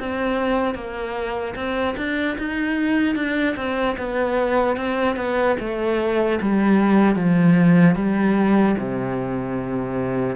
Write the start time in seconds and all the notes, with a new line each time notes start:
0.00 C4
0.75 A#3
1.56 C4
1.97 D4
2.39 D#4
3.16 D4
3.57 C4
3.98 B3
4.77 C4
5.17 B3
5.60 A3
6.42 G3
7.16 F3
7.96 G3
8.79 C3